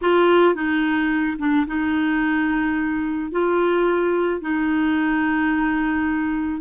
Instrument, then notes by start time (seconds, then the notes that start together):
clarinet
0.02 F4
0.54 D#4
1.39 D4
1.67 D#4
3.31 F4
4.41 D#4